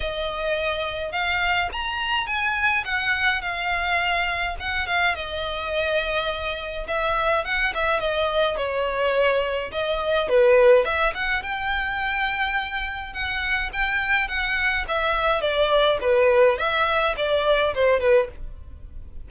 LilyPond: \new Staff \with { instrumentName = "violin" } { \time 4/4 \tempo 4 = 105 dis''2 f''4 ais''4 | gis''4 fis''4 f''2 | fis''8 f''8 dis''2. | e''4 fis''8 e''8 dis''4 cis''4~ |
cis''4 dis''4 b'4 e''8 fis''8 | g''2. fis''4 | g''4 fis''4 e''4 d''4 | b'4 e''4 d''4 c''8 b'8 | }